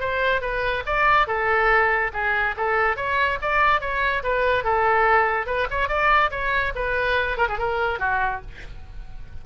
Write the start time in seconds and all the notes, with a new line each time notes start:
0.00 C5
0.41 B4
0.86 D5
1.27 A4
2.13 G#4
2.57 A4
2.97 C#5
3.42 D5
3.81 C#5
4.23 B4
4.64 A4
5.46 B4
5.70 C#5
5.88 D5
6.31 C#5
6.75 B4
7.37 A#4
7.48 G#4
7.58 A#4
7.99 F#4